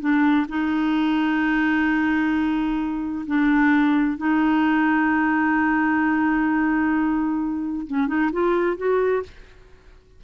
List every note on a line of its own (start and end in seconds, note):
0.00 0.46 D4
0.48 3.25 D#4
3.26 4.17 D4
4.17 7.86 D#4
7.87 8.07 C#4
8.07 8.30 D#4
8.32 8.77 F4
8.77 9.23 F#4